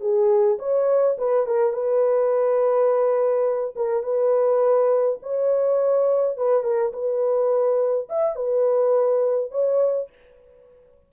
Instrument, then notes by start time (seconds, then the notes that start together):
horn
0.00 G#4
0.58 C#5
1.17 B4
1.46 A#4
1.73 B4
3.75 A#4
4.03 B4
5.22 C#5
6.37 B4
6.63 A#4
6.92 B4
8.09 E5
8.35 B4
9.51 C#5